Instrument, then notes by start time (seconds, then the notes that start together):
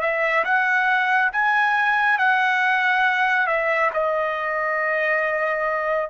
trumpet
0.00 E5
0.44 F#5
1.32 G#5
2.18 F#5
3.46 E5
3.93 D#5